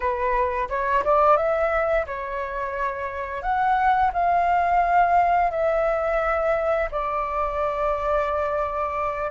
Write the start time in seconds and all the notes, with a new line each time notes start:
0.00 B4
0.69 C#5
1.04 D5
1.36 E5
2.06 C#5
3.42 F#5
4.13 F5
5.50 E5
6.91 D5